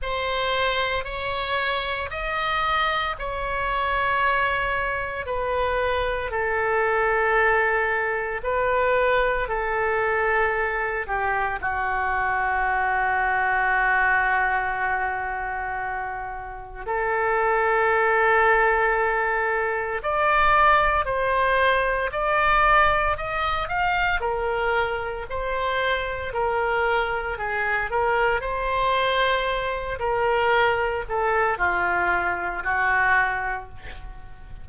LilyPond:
\new Staff \with { instrumentName = "oboe" } { \time 4/4 \tempo 4 = 57 c''4 cis''4 dis''4 cis''4~ | cis''4 b'4 a'2 | b'4 a'4. g'8 fis'4~ | fis'1 |
a'2. d''4 | c''4 d''4 dis''8 f''8 ais'4 | c''4 ais'4 gis'8 ais'8 c''4~ | c''8 ais'4 a'8 f'4 fis'4 | }